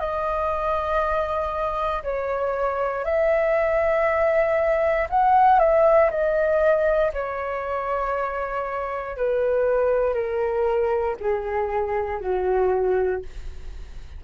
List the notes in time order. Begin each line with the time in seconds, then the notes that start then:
0.00 D#5
2.04 C#5
3.05 E5
5.10 F#5
5.59 E5
6.11 D#5
7.14 C#5
9.17 B4
10.15 A#4
11.20 G#4
12.21 F#4